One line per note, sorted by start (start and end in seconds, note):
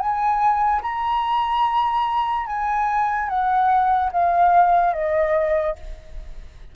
0.00 0.82 G#5
0.82 2.47 A#5
2.47 3.29 G#5
3.29 4.11 F#5
4.12 4.94 F5
4.94 5.76 D#5